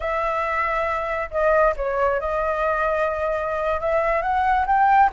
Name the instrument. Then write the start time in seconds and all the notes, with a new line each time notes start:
flute
0.00 E5
1.30 D#5
1.76 C#5
2.20 D#5
3.80 E5
4.22 F#5
4.66 G5